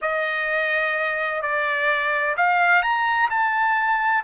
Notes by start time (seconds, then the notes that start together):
0.01 D#5
1.41 D5
2.37 F5
2.82 A#5
3.30 A5